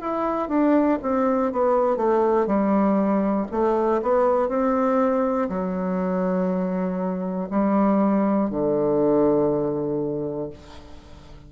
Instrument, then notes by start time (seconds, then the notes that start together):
bassoon
0.00 E4
0.48 D4
1.02 C4
1.52 B3
1.96 A3
2.46 G3
3.51 A3
4.02 B3
4.49 C4
5.49 F#3
7.50 G3
8.49 D3